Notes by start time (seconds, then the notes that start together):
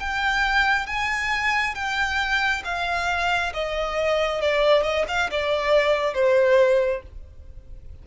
0.00 G5
0.86 G#5
1.74 G5
2.64 F5
3.53 D#5
4.41 D5
4.83 D#5
5.08 F5
5.31 D5
6.14 C5